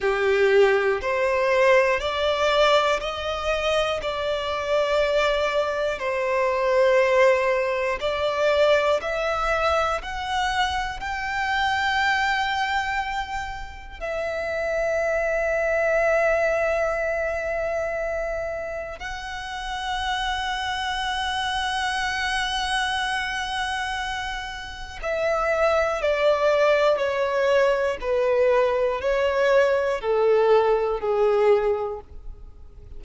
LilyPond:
\new Staff \with { instrumentName = "violin" } { \time 4/4 \tempo 4 = 60 g'4 c''4 d''4 dis''4 | d''2 c''2 | d''4 e''4 fis''4 g''4~ | g''2 e''2~ |
e''2. fis''4~ | fis''1~ | fis''4 e''4 d''4 cis''4 | b'4 cis''4 a'4 gis'4 | }